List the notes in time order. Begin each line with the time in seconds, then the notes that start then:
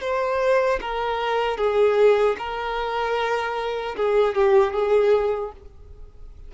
0.00 C5
0.81 A#4
1.57 G#4
2.38 A#4
3.96 G#4
4.35 G4
4.73 G#4